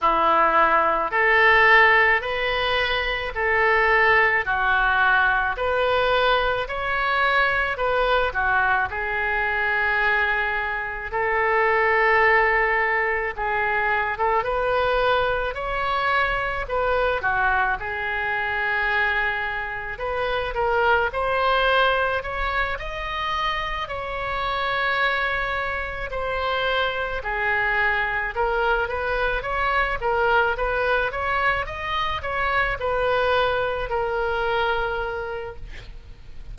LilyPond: \new Staff \with { instrumentName = "oboe" } { \time 4/4 \tempo 4 = 54 e'4 a'4 b'4 a'4 | fis'4 b'4 cis''4 b'8 fis'8 | gis'2 a'2 | gis'8. a'16 b'4 cis''4 b'8 fis'8 |
gis'2 b'8 ais'8 c''4 | cis''8 dis''4 cis''2 c''8~ | c''8 gis'4 ais'8 b'8 cis''8 ais'8 b'8 | cis''8 dis''8 cis''8 b'4 ais'4. | }